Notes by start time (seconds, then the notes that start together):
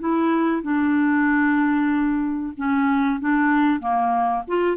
0.00 E4
0.62 D4
2.57 C#4
3.20 D4
3.80 A#3
4.48 F4